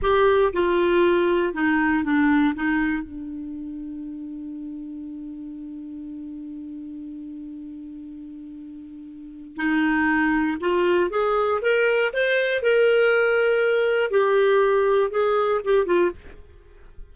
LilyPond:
\new Staff \with { instrumentName = "clarinet" } { \time 4/4 \tempo 4 = 119 g'4 f'2 dis'4 | d'4 dis'4 d'2~ | d'1~ | d'1~ |
d'2. dis'4~ | dis'4 f'4 gis'4 ais'4 | c''4 ais'2. | g'2 gis'4 g'8 f'8 | }